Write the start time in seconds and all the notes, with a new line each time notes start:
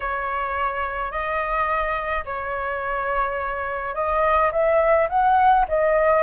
0.00 C#5
1.11 D#5
2.25 C#5
3.94 D#5
4.51 E5
5.09 F#5
5.68 D#5